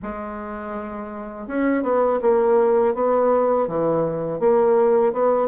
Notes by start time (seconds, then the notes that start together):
0.02 G#3
1.47 C#4
1.83 B3
2.22 A#3
2.94 B3
3.67 E3
4.39 A#3
5.13 B3